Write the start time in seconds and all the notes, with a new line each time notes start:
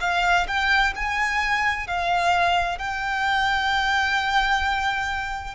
0.00 F5
0.47 G5
0.95 G#5
1.87 F5
2.78 G5